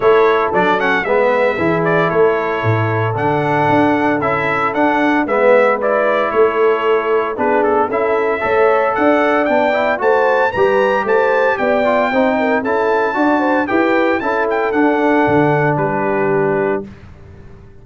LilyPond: <<
  \new Staff \with { instrumentName = "trumpet" } { \time 4/4 \tempo 4 = 114 cis''4 d''8 fis''8 e''4. d''8 | cis''2 fis''2 | e''4 fis''4 e''4 d''4 | cis''2 b'8 a'8 e''4~ |
e''4 fis''4 g''4 a''4 | ais''4 a''4 g''2 | a''2 g''4 a''8 g''8 | fis''2 b'2 | }
  \new Staff \with { instrumentName = "horn" } { \time 4/4 a'2 b'4 gis'4 | a'1~ | a'2 b'2 | a'2 gis'4 a'4 |
cis''4 d''2 c''4 | b'4 c''4 d''4 c''8 ais'8 | a'4 d''8 c''8 b'4 a'4~ | a'2 g'2 | }
  \new Staff \with { instrumentName = "trombone" } { \time 4/4 e'4 d'8 cis'8 b4 e'4~ | e'2 d'2 | e'4 d'4 b4 e'4~ | e'2 d'4 e'4 |
a'2 d'8 e'8 fis'4 | g'2~ g'8 f'8 dis'4 | e'4 fis'4 g'4 e'4 | d'1 | }
  \new Staff \with { instrumentName = "tuba" } { \time 4/4 a4 fis4 gis4 e4 | a4 a,4 d4 d'4 | cis'4 d'4 gis2 | a2 b4 cis'4 |
a4 d'4 b4 a4 | g4 a4 b4 c'4 | cis'4 d'4 e'4 cis'4 | d'4 d4 g2 | }
>>